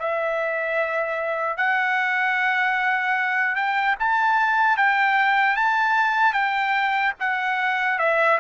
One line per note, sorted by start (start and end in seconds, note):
0.00 1.57 E5
1.57 3.56 F#5
3.56 3.96 G5
4.00 4.77 A5
4.77 5.57 G5
5.57 6.33 A5
6.33 7.13 G5
7.20 7.99 F#5
7.99 8.39 E5